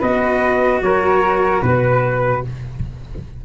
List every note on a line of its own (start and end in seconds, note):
0.00 0.82 B3
0.00 2.42 F#4
0.00 0.80 B4
0.00 0.83 D#5
0.82 1.62 F#3
0.82 1.65 A#4
0.82 1.62 C#5
1.62 2.43 B2
1.62 2.42 B4
1.62 2.45 B4